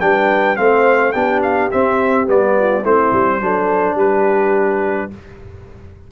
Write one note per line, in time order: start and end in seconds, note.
0.00 0.57 G3
0.00 0.56 D4
0.00 0.57 B4
0.00 0.56 G5
0.56 1.14 A3
0.56 1.13 C4
0.56 1.11 C5
0.56 1.12 F5
1.11 1.71 B3
1.11 1.71 D4
1.11 2.53 G4
1.11 1.40 G5
1.42 1.70 F5
1.71 2.26 C4
1.71 2.28 C4
1.71 2.27 E5
2.26 2.84 G3
2.26 2.83 B3
2.26 2.85 D5
2.58 2.81 F4
2.81 3.12 A3
2.81 3.41 C4
2.81 3.37 E4
2.81 3.98 C5
3.12 3.40 G3
3.40 3.95 F#3
3.40 5.11 D4
3.40 3.95 A4
3.95 5.08 G3
3.95 5.08 G4
3.95 5.11 B4